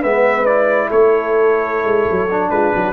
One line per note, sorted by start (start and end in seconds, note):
0.00 0.90 G#3
0.00 0.46 B3
0.00 0.86 B4
0.00 0.46 E5
0.46 2.29 E4
0.46 0.89 D5
0.88 1.85 A3
0.88 2.50 A4
0.88 2.50 C#5
1.85 2.06 G#3
2.11 2.50 F#3
2.31 2.93 D4
2.50 2.72 G#3
2.50 2.74 F4
2.50 2.93 B4
2.75 2.93 F#3
2.75 2.93 F#4